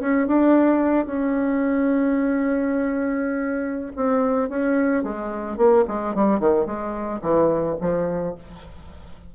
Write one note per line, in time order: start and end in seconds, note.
0.00 0.27 C#4
0.27 1.06 D4
1.06 3.92 C#4
3.96 4.49 C4
4.49 5.03 C#4
5.03 5.57 G#3
5.57 5.85 A#3
5.88 6.15 G#3
6.15 6.40 G3
6.40 6.66 D#3
6.66 7.20 G#3
7.21 7.76 E3
7.80 8.35 F3